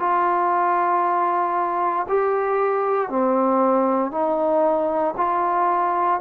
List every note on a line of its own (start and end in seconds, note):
0.00 2.07 F4
2.09 3.10 G4
3.10 4.11 C4
4.11 5.15 D#4
5.17 6.21 F4